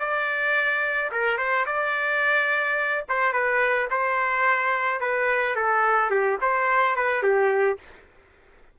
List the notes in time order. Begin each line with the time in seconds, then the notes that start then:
0.00 D5
1.12 A#4
1.38 C5
1.66 D5
3.09 C5
3.33 B4
3.91 C5
5.01 B4
5.56 A4
6.11 G4
6.41 C5
6.96 B4
7.23 G4